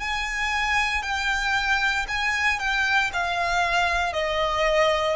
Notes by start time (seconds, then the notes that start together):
0.00 G#5
1.03 G5
2.08 G#5
2.59 G5
3.13 F5
4.13 D#5